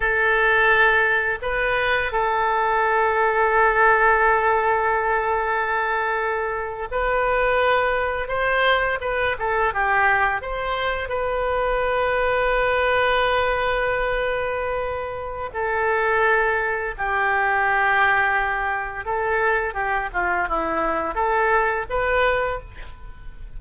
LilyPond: \new Staff \with { instrumentName = "oboe" } { \time 4/4 \tempo 4 = 85 a'2 b'4 a'4~ | a'1~ | a'4.~ a'16 b'2 c''16~ | c''8. b'8 a'8 g'4 c''4 b'16~ |
b'1~ | b'2 a'2 | g'2. a'4 | g'8 f'8 e'4 a'4 b'4 | }